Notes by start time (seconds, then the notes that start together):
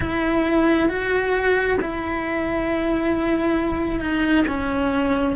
0.00 E4
0.88 F#4
1.81 E4
4.00 D#4
4.47 C#4